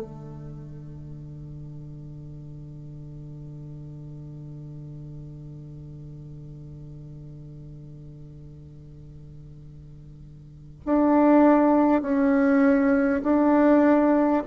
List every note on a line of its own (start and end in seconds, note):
0.00 10.80 D3
10.85 12.02 D4
12.02 13.22 C#4
13.23 14.43 D4